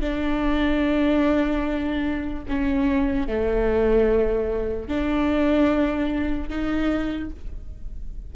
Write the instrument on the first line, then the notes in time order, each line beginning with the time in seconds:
viola
0.00 D4
2.48 C#4
3.27 A3
4.88 D4
6.49 D#4